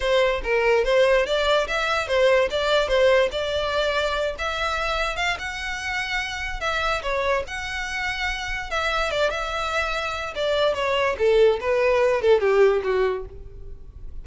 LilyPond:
\new Staff \with { instrumentName = "violin" } { \time 4/4 \tempo 4 = 145 c''4 ais'4 c''4 d''4 | e''4 c''4 d''4 c''4 | d''2~ d''8 e''4.~ | e''8 f''8 fis''2. |
e''4 cis''4 fis''2~ | fis''4 e''4 d''8 e''4.~ | e''4 d''4 cis''4 a'4 | b'4. a'8 g'4 fis'4 | }